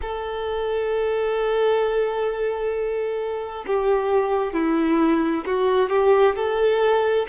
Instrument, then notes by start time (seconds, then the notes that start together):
violin
0.01 A4
3.66 G4
4.53 E4
5.45 F#4
5.89 G4
6.35 A4